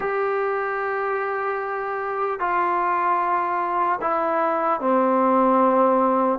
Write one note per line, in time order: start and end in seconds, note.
0.00 2.39 G4
2.39 3.99 F4
4.01 4.80 E4
4.80 6.39 C4